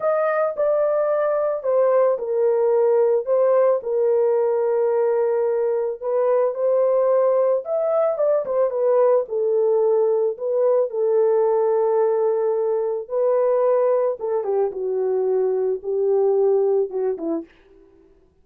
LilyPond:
\new Staff \with { instrumentName = "horn" } { \time 4/4 \tempo 4 = 110 dis''4 d''2 c''4 | ais'2 c''4 ais'4~ | ais'2. b'4 | c''2 e''4 d''8 c''8 |
b'4 a'2 b'4 | a'1 | b'2 a'8 g'8 fis'4~ | fis'4 g'2 fis'8 e'8 | }